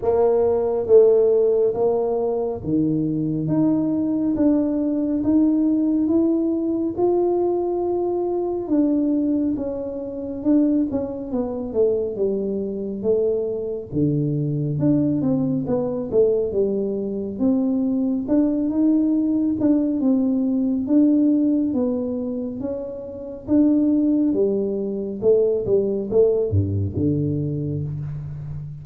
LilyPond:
\new Staff \with { instrumentName = "tuba" } { \time 4/4 \tempo 4 = 69 ais4 a4 ais4 dis4 | dis'4 d'4 dis'4 e'4 | f'2 d'4 cis'4 | d'8 cis'8 b8 a8 g4 a4 |
d4 d'8 c'8 b8 a8 g4 | c'4 d'8 dis'4 d'8 c'4 | d'4 b4 cis'4 d'4 | g4 a8 g8 a8 g,8 d4 | }